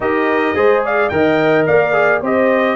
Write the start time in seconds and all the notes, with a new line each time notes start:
0.00 D#4 G4 A#4 D#5
0.54 G#3 G#4 C5
0.84 D5 F5
1.09 D#3 A#4 D#5 G5
1.66 A#3 D5 F5
1.92 G#4
2.20 C4 G4 C5 D#5